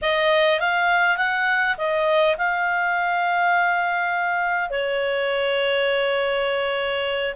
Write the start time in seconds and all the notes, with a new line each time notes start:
0.01 D#5
0.60 F5
1.17 F#5
1.77 D#5
2.37 F5
4.70 C#5